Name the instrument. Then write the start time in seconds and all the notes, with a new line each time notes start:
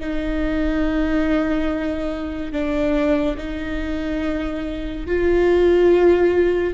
viola
0.00 D#4
2.52 D4
3.37 D#4
5.06 F4